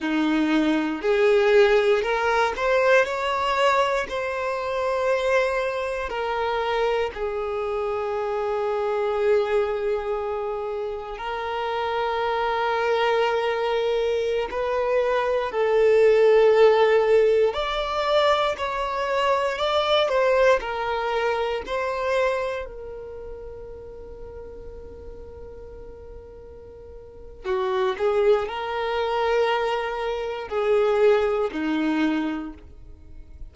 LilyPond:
\new Staff \with { instrumentName = "violin" } { \time 4/4 \tempo 4 = 59 dis'4 gis'4 ais'8 c''8 cis''4 | c''2 ais'4 gis'4~ | gis'2. ais'4~ | ais'2~ ais'16 b'4 a'8.~ |
a'4~ a'16 d''4 cis''4 d''8 c''16~ | c''16 ais'4 c''4 ais'4.~ ais'16~ | ais'2. fis'8 gis'8 | ais'2 gis'4 dis'4 | }